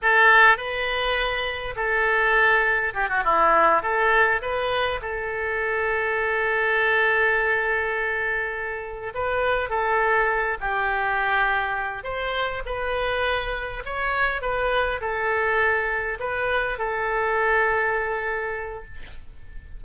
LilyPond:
\new Staff \with { instrumentName = "oboe" } { \time 4/4 \tempo 4 = 102 a'4 b'2 a'4~ | a'4 g'16 fis'16 e'4 a'4 b'8~ | b'8 a'2.~ a'8~ | a'2.~ a'8 b'8~ |
b'8 a'4. g'2~ | g'8 c''4 b'2 cis''8~ | cis''8 b'4 a'2 b'8~ | b'8 a'2.~ a'8 | }